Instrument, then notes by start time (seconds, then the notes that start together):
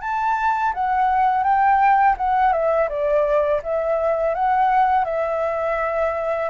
flute
0.00 A5
0.73 F#5
1.43 G5
2.17 F#5
2.52 E5
2.89 D5
3.63 E5
4.34 F#5
5.04 E5